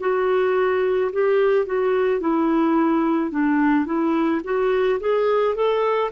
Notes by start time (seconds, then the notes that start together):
0.00 F#4
1.13 G4
1.66 F#4
2.21 E4
3.31 D4
3.86 E4
4.44 F#4
5.00 G#4
5.56 A4